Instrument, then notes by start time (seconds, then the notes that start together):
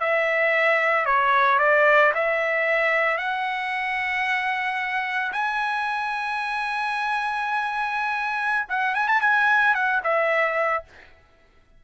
trumpet
0.00 E5
1.06 C#5
1.59 D5
2.14 E5
3.18 F#5
5.32 G#5
8.69 F#5
8.95 G#5
9.08 A5
9.21 G#5
9.74 F#5
10.03 E5